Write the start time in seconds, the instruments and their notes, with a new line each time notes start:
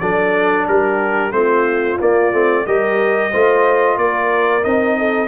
0.00 tuba F#3, trombone D4, horn A4, trumpet D5
0.68 tuba G3, horn G4, trumpet A#4
1.32 tuba A3, trombone C4, horn F4, trumpet C5
2.00 trombone A#3, tuba A#3, trumpet D5
2.32 tuba A3, trombone C4
2.66 tuba G3, trombone G4, horn A#4, trumpet D#5
3.31 tuba A3, trombone F4, horn C5
3.97 tuba A#3, horn A#4, trumpet D5
4.62 tuba C4, trombone D#4, trumpet D#5
4.99 horn A4